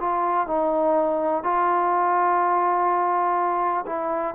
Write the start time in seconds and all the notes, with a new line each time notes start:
0.00 F4
0.47 D#4
1.43 F4
3.87 E4